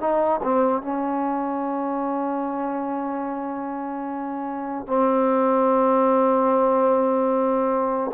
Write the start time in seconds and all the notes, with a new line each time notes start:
0.00 D#4
0.43 C4
0.82 C#4
4.87 C4